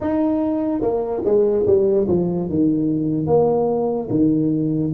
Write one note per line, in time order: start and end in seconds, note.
0.00 0.81 D#4
0.81 1.23 A#3
1.24 1.66 G#3
1.66 2.07 G3
2.08 2.49 F3
2.49 3.26 D#3
3.26 4.08 A#3
4.10 4.92 D#3